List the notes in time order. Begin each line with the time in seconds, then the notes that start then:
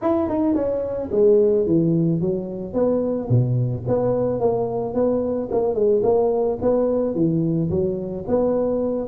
0.02 E4
0.28 D#4
0.55 C#4
1.11 G#3
1.66 E3
2.20 F#3
2.73 B3
3.29 B2
3.87 B3
4.40 A#3
4.93 B3
5.51 A#3
5.74 G#3
6.03 A#3
6.61 B3
7.14 E3
7.69 F#3
8.27 B3